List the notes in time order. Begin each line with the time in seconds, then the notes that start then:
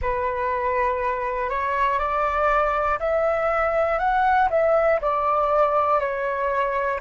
0.01 B4
1.50 C#5
1.98 D5
2.99 E5
3.98 F#5
4.50 E5
5.00 D5
6.00 C#5